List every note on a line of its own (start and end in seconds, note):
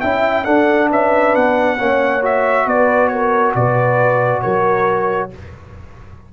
0.00 0.47 C#4
0.00 0.45 E4
0.00 0.44 E5
0.00 0.44 G5
0.44 1.78 D4
0.44 0.91 D4
0.44 0.89 A4
0.44 0.88 F#5
0.89 1.35 C#4
0.89 1.77 B4
0.89 1.35 E5
1.35 1.79 B3
1.35 2.23 F#5
1.78 2.66 A#3
1.78 2.22 C#4
1.78 2.66 C#5
2.22 5.31 F#4
2.22 2.68 E5
2.66 3.54 B3
2.66 3.11 B4
2.66 3.08 D5
3.08 3.56 A#4
3.08 3.52 C#5
3.55 4.43 B2
3.55 4.42 B4
3.55 4.41 D5
4.41 5.33 F#3
4.41 5.30 A#4
4.41 5.29 C#5